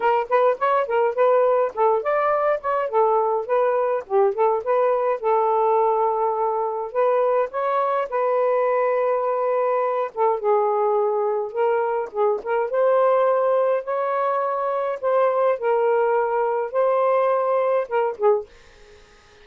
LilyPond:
\new Staff \with { instrumentName = "saxophone" } { \time 4/4 \tempo 4 = 104 ais'8 b'8 cis''8 ais'8 b'4 a'8 d''8~ | d''8 cis''8 a'4 b'4 g'8 a'8 | b'4 a'2. | b'4 cis''4 b'2~ |
b'4. a'8 gis'2 | ais'4 gis'8 ais'8 c''2 | cis''2 c''4 ais'4~ | ais'4 c''2 ais'8 gis'8 | }